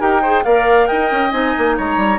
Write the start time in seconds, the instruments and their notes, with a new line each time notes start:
0.00 bassoon D#4, clarinet G4, oboe A#4, flute G5
0.22 clarinet G#4, oboe C5
0.45 bassoon A#3, clarinet A#4, oboe D5, flute F5
0.88 bassoon D#4, oboe D#5, flute G5
1.11 bassoon C#4
1.32 bassoon C4, clarinet D#4, flute G#5
1.59 bassoon A#3
1.77 bassoon G#3, oboe C#5, flute A#5
1.97 bassoon G3